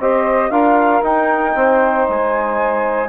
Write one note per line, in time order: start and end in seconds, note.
0.00 0.51 C4
0.00 0.52 G4
0.00 0.51 C5
0.00 0.51 D#5
0.51 1.02 D4
0.51 1.02 F4
0.51 1.54 A#4
0.51 1.03 F5
1.02 3.09 D#4
1.02 1.55 D#4
1.02 2.09 G5
1.55 2.07 C4
1.55 3.10 C5
2.10 3.10 G#3
2.10 3.10 G#5